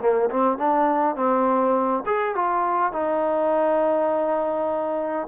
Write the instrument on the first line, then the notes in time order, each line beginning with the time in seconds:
trombone
0.00 A#3
0.30 C4
0.57 D4
1.15 C4
2.06 G#4
2.35 F4
2.92 D#4